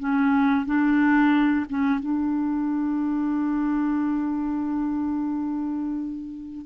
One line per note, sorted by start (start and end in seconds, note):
0.00 0.66 C#4
0.66 1.66 D4
1.70 2.00 C#4
2.00 6.66 D4